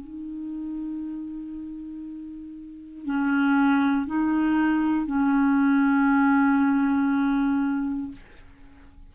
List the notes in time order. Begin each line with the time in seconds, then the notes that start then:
0.00 D#4
3.05 C#4
4.06 D#4
5.06 C#4